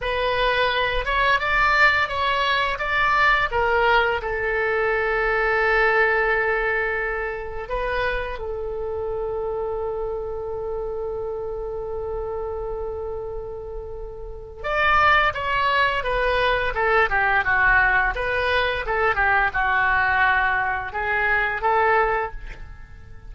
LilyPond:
\new Staff \with { instrumentName = "oboe" } { \time 4/4 \tempo 4 = 86 b'4. cis''8 d''4 cis''4 | d''4 ais'4 a'2~ | a'2. b'4 | a'1~ |
a'1~ | a'4 d''4 cis''4 b'4 | a'8 g'8 fis'4 b'4 a'8 g'8 | fis'2 gis'4 a'4 | }